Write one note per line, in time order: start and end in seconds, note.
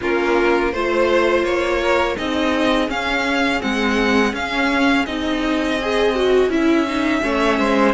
0.01 0.73 A#3
0.01 0.73 C#4
0.01 0.72 F4
0.01 0.73 A#4
0.72 1.43 A3
0.72 2.17 F4
0.72 1.80 C5
0.72 1.44 C5
1.43 2.16 A#3
1.43 2.17 C#5
1.82 2.17 A#4
2.17 2.88 C4
2.17 2.88 D#4
2.17 7.23 G#4
2.17 2.89 D#5
2.88 3.60 C#4
2.88 3.61 C#4
2.88 3.61 F5
3.60 4.33 G#3
3.60 4.32 C4
3.60 4.34 F#5
4.32 5.04 C#4
4.32 5.05 C#4
4.32 5.06 F5
5.06 6.49 C4
5.06 5.79 D#4
5.06 6.50 D#5
5.81 6.15 G#4
6.15 6.50 F#4
6.49 7.21 C#4
6.49 6.86 E4
6.49 7.93 E5
6.87 7.22 D#4
7.22 7.59 A3
7.22 7.93 C#4
7.22 7.59 C#5
7.59 7.93 G#3
7.59 7.93 C5